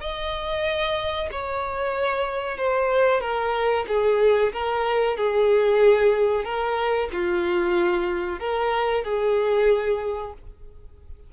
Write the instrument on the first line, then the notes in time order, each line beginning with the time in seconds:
violin
0.00 D#5
1.31 C#5
2.57 C5
3.21 A#4
3.87 G#4
4.52 A#4
5.16 G#4
6.44 A#4
7.12 F4
8.39 A#4
9.04 G#4